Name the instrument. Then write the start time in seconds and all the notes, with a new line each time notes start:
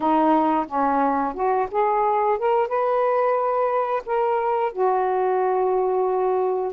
saxophone
0.00 D#4
0.67 C#4
1.34 F#4
1.71 G#4
2.38 A#4
2.68 B4
4.06 A#4
4.72 F#4